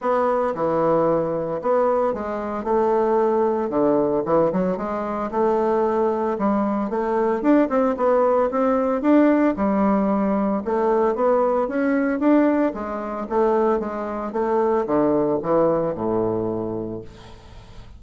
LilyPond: \new Staff \with { instrumentName = "bassoon" } { \time 4/4 \tempo 4 = 113 b4 e2 b4 | gis4 a2 d4 | e8 fis8 gis4 a2 | g4 a4 d'8 c'8 b4 |
c'4 d'4 g2 | a4 b4 cis'4 d'4 | gis4 a4 gis4 a4 | d4 e4 a,2 | }